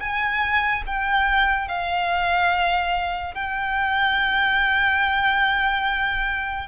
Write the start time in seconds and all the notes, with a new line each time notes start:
0.00 G#5
0.86 G5
1.68 F5
3.34 G5